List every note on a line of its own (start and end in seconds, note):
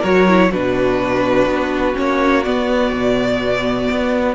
0.00 0.52 F#3
0.00 0.27 F#4
0.00 0.48 A#4
0.00 0.52 C#5
0.27 0.52 E4
0.50 1.46 B2
0.50 1.94 D4
0.50 4.34 F#4
0.50 1.97 B4
1.46 1.94 B3
1.94 2.46 A#3
1.94 2.42 C#4
1.94 2.43 C#5
2.43 4.34 B3
2.43 2.92 B3
2.43 4.34 D5
2.92 3.89 B2
3.91 4.34 B3